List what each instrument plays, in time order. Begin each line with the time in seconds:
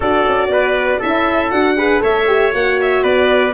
0.00 tuba D4, horn F#4, trumpet A4, violin D5
0.27 tuba C#4
0.48 tuba B3, trumpet B4
0.99 tuba C#4, horn E4, trumpet A4, violin E5
1.50 tuba D4, horn F#4, violin F#5
1.76 horn G#4, trumpet B4
1.99 tuba A3, horn A4, trumpet C#5, violin E5
2.26 horn G4
2.52 tuba A#3, horn F#4, violin F#5
2.81 violin E5
3.02 tuba B3, trumpet B4, violin D5